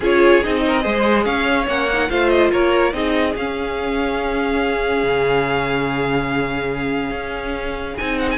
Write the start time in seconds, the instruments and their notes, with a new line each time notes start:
0.00 cello C#4, viola F4, violin G#4 C#5
0.43 cello C4, viola D#4, violin D#5
0.66 violin A#4
0.80 cello G#3, viola G#4, violin C5
1.24 cello C#4, violin C#5 F5
1.67 cello A#3, viola C#4, violin F#5
1.92 viola D#4
2.09 cello A3, viola F4, violin C5 F5
2.29 violin D#5
2.51 cello A#3, violin A#4 C#5
2.92 cello C4, viola D#4, violin G#4 D#5
3.35 cello C#4, viola C#4, violin F5
5.03 cello C#3
7.10 cello C#4
7.97 cello C4, viola D#4, violin G#5
8.18 violin F#5
8.30 violin G#5